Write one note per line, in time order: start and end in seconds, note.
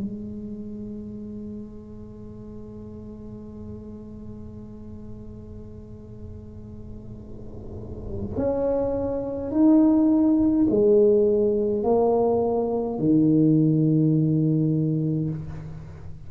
0.00 8.37 G#3
8.37 9.51 C#4
9.51 10.66 D#4
10.70 11.83 G#3
11.83 12.99 A#3
12.99 15.29 D#3